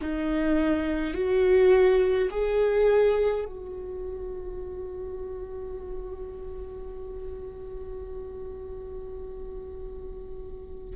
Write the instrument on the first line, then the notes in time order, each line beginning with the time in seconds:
viola
0.01 D#4
1.13 F#4
2.30 G#4
3.45 F#4